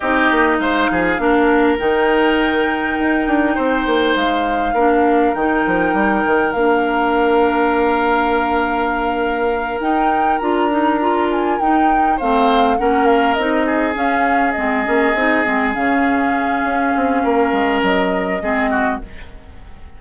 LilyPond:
<<
  \new Staff \with { instrumentName = "flute" } { \time 4/4 \tempo 4 = 101 dis''4 f''2 g''4~ | g''2. f''4~ | f''4 g''2 f''4~ | f''1~ |
f''8 g''4 ais''4. gis''8 g''8~ | g''8 f''4 fis''8 f''8 dis''4 f''8~ | f''8 dis''2 f''4.~ | f''2 dis''2 | }
  \new Staff \with { instrumentName = "oboe" } { \time 4/4 g'4 c''8 gis'8 ais'2~ | ais'2 c''2 | ais'1~ | ais'1~ |
ais'1~ | ais'8 c''4 ais'4. gis'4~ | gis'1~ | gis'4 ais'2 gis'8 fis'8 | }
  \new Staff \with { instrumentName = "clarinet" } { \time 4/4 dis'2 d'4 dis'4~ | dis'1 | d'4 dis'2 d'4~ | d'1~ |
d'8 dis'4 f'8 dis'8 f'4 dis'8~ | dis'8 c'4 cis'4 dis'4 cis'8~ | cis'8 c'8 cis'8 dis'8 c'8 cis'4.~ | cis'2. c'4 | }
  \new Staff \with { instrumentName = "bassoon" } { \time 4/4 c'8 ais8 gis8 f8 ais4 dis4~ | dis4 dis'8 d'8 c'8 ais8 gis4 | ais4 dis8 f8 g8 dis8 ais4~ | ais1~ |
ais8 dis'4 d'2 dis'8~ | dis'8 a4 ais4 c'4 cis'8~ | cis'8 gis8 ais8 c'8 gis8 cis4. | cis'8 c'8 ais8 gis8 fis4 gis4 | }
>>